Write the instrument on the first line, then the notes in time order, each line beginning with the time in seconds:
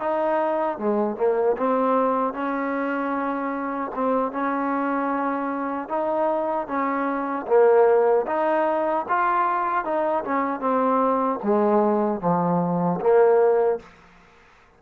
trombone
0.00 D#4
0.79 G#3
1.17 A#3
1.58 C4
2.34 C#4
3.95 C4
4.32 C#4
5.89 D#4
6.68 C#4
7.47 A#3
8.27 D#4
9.09 F4
9.85 D#4
10.25 C#4
10.61 C4
11.43 G#3
12.21 F3
13.01 A#3